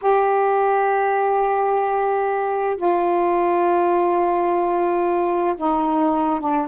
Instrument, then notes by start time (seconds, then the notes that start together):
saxophone
0.01 G4
2.77 F4
5.57 D#4
6.39 D4